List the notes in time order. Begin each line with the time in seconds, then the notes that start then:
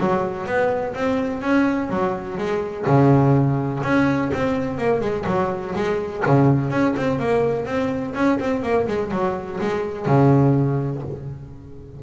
0.00 F#3
0.46 B3
0.95 C4
1.42 C#4
1.90 F#3
2.38 G#3
2.86 C#3
3.83 C#4
4.34 C4
4.78 A#3
5.01 G#3
5.27 F#3
5.76 G#3
6.26 C#3
6.71 C#4
6.97 C4
7.20 A#3
7.66 C4
8.15 C#4
8.40 C4
8.63 A#3
8.88 G#3
9.12 F#3
9.61 G#3
10.06 C#3